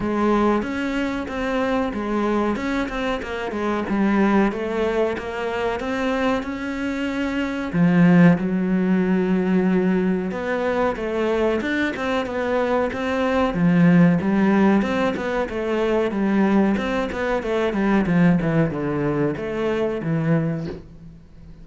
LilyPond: \new Staff \with { instrumentName = "cello" } { \time 4/4 \tempo 4 = 93 gis4 cis'4 c'4 gis4 | cis'8 c'8 ais8 gis8 g4 a4 | ais4 c'4 cis'2 | f4 fis2. |
b4 a4 d'8 c'8 b4 | c'4 f4 g4 c'8 b8 | a4 g4 c'8 b8 a8 g8 | f8 e8 d4 a4 e4 | }